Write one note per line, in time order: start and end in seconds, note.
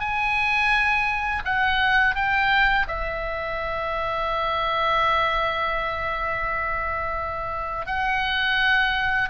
0.00 1.43 G#5
1.45 2.16 F#5
2.16 2.87 G5
2.88 7.86 E5
7.86 9.29 F#5